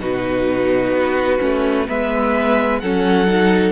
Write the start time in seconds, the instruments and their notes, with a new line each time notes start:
0.00 cello B2, viola D#4, violin F#4 B4
0.92 cello B3
1.40 cello A3, viola C#4
1.88 cello G#3, viola B3, violin B4 E5
2.80 cello F#3, viola C#4, violin A4 F#5
3.27 viola D#4